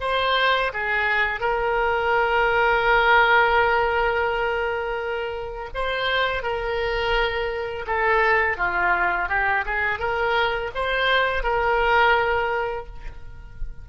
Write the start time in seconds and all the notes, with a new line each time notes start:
0.00 C5
0.73 G#4
1.40 A#4
5.74 C5
6.43 A#4
7.86 A4
8.57 F4
9.29 G4
9.65 G#4
9.99 A#4
10.74 C5
11.43 A#4